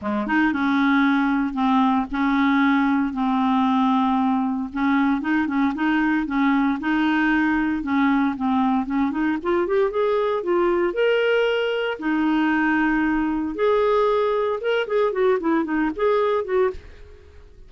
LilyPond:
\new Staff \with { instrumentName = "clarinet" } { \time 4/4 \tempo 4 = 115 gis8 dis'8 cis'2 c'4 | cis'2 c'2~ | c'4 cis'4 dis'8 cis'8 dis'4 | cis'4 dis'2 cis'4 |
c'4 cis'8 dis'8 f'8 g'8 gis'4 | f'4 ais'2 dis'4~ | dis'2 gis'2 | ais'8 gis'8 fis'8 e'8 dis'8 gis'4 fis'8 | }